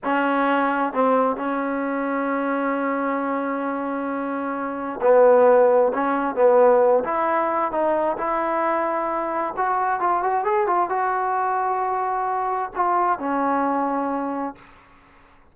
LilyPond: \new Staff \with { instrumentName = "trombone" } { \time 4/4 \tempo 4 = 132 cis'2 c'4 cis'4~ | cis'1~ | cis'2. b4~ | b4 cis'4 b4. e'8~ |
e'4 dis'4 e'2~ | e'4 fis'4 f'8 fis'8 gis'8 f'8 | fis'1 | f'4 cis'2. | }